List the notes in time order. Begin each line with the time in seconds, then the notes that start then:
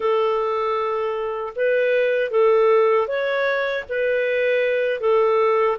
0.00 A4
1.55 B4
2.30 A4
3.07 C#5
3.88 B4
5.00 A4